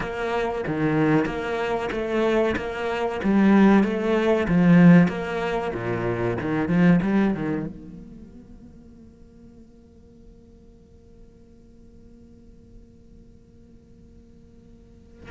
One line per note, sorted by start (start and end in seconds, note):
0.00 0.64 A#3
0.67 1.25 D#3
1.25 1.89 A#3
1.91 2.55 A3
2.56 3.20 A#3
3.23 3.83 G3
3.83 4.47 A3
4.47 5.07 F3
5.07 5.71 A#3
5.73 6.37 A#2
6.41 6.68 D#3
6.68 7.00 F3
7.02 7.34 G3
7.34 7.66 D#3
7.66 15.30 A#3